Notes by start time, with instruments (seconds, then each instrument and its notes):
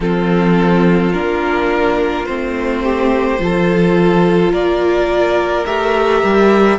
0.00 cello F3, viola C4, violin F4 A4
1.12 cello A#3, viola D4, violin A#4
2.25 cello A3, viola C4, violin C5
2.83 violin G4
3.38 cello F3, viola F4, violin A4
4.51 cello A#3, violin A#4 D5
5.65 cello A3, viola G4, violin E5
6.23 cello G3